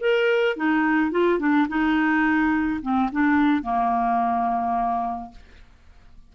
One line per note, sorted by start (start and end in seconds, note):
0.00 0.56 A#4
0.56 1.11 D#4
1.11 1.39 F4
1.39 1.67 D4
1.68 2.80 D#4
2.82 3.10 C4
3.12 3.62 D4
3.62 5.31 A#3